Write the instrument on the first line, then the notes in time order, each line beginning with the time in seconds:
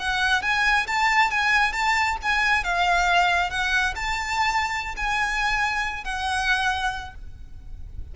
violin
0.00 F#5
0.43 G#5
0.87 A5
1.31 G#5
1.73 A5
2.23 G#5
2.64 F5
3.51 F#5
3.96 A5
4.97 G#5
6.05 F#5